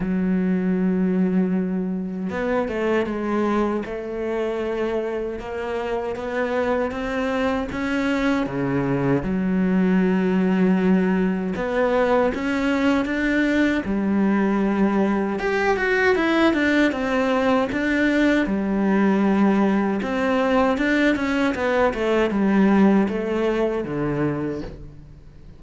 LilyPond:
\new Staff \with { instrumentName = "cello" } { \time 4/4 \tempo 4 = 78 fis2. b8 a8 | gis4 a2 ais4 | b4 c'4 cis'4 cis4 | fis2. b4 |
cis'4 d'4 g2 | g'8 fis'8 e'8 d'8 c'4 d'4 | g2 c'4 d'8 cis'8 | b8 a8 g4 a4 d4 | }